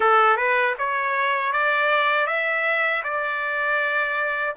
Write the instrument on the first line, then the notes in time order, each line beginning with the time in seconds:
trumpet
0.00 A4
0.36 B4
0.78 C#5
1.52 D5
2.26 E5
3.03 D5